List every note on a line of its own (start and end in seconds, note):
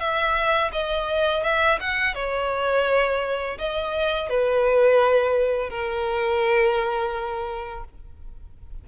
0.00 0.71 E5
0.72 1.44 D#5
1.44 1.79 E5
1.80 2.15 F#5
2.15 3.58 C#5
3.59 4.30 D#5
4.30 5.70 B4
5.70 7.84 A#4